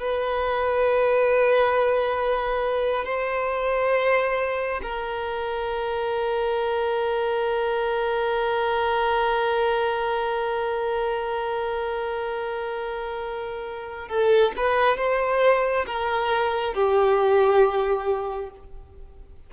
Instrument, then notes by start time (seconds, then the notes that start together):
violin
0.00 B4
3.05 C5
4.83 A#4
14.09 A4
14.57 B4
14.98 C5
15.87 A#4
16.74 G4